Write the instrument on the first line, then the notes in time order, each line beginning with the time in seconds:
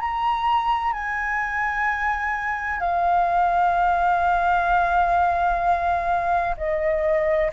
flute
0.00 A#5
0.93 G#5
2.80 F5
6.58 D#5